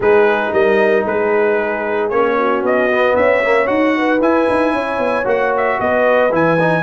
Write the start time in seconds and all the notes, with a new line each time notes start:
0.00 G#3 D#4 G#4 B4
0.52 G3 A#4 D#5
1.05 G#3 G#4 B4
2.09 A#3 C#4 C#5
2.37 F#4
2.62 B3 D#5
2.91 B3
3.15 C#4 C#5 E5
3.44 A#3
3.66 D#4 F#4 F#5
3.97 B4
4.20 E4 G#5
4.49 D#4
4.72 C#4 C#5
4.98 B3
5.24 A#3 F#4 F#5
5.56 E5
5.80 B3 B4 D#5
6.31 E3 E4 G#5
6.59 D#4